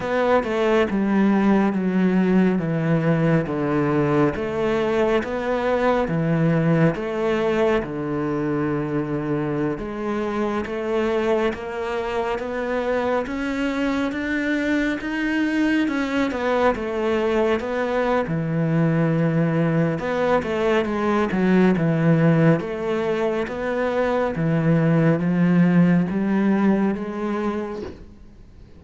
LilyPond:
\new Staff \with { instrumentName = "cello" } { \time 4/4 \tempo 4 = 69 b8 a8 g4 fis4 e4 | d4 a4 b4 e4 | a4 d2~ d16 gis8.~ | gis16 a4 ais4 b4 cis'8.~ |
cis'16 d'4 dis'4 cis'8 b8 a8.~ | a16 b8. e2 b8 a8 | gis8 fis8 e4 a4 b4 | e4 f4 g4 gis4 | }